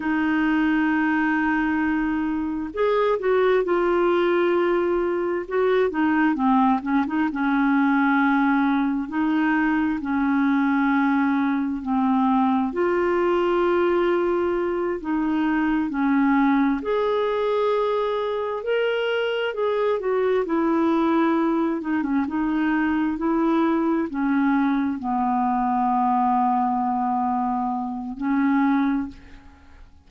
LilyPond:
\new Staff \with { instrumentName = "clarinet" } { \time 4/4 \tempo 4 = 66 dis'2. gis'8 fis'8 | f'2 fis'8 dis'8 c'8 cis'16 dis'16 | cis'2 dis'4 cis'4~ | cis'4 c'4 f'2~ |
f'8 dis'4 cis'4 gis'4.~ | gis'8 ais'4 gis'8 fis'8 e'4. | dis'16 cis'16 dis'4 e'4 cis'4 b8~ | b2. cis'4 | }